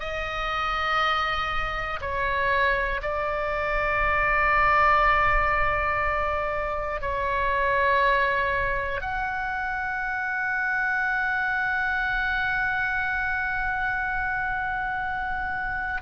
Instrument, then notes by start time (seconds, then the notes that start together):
oboe
0.00 D#5
2.01 C#5
3.02 D5
7.01 C#5
9.01 F#5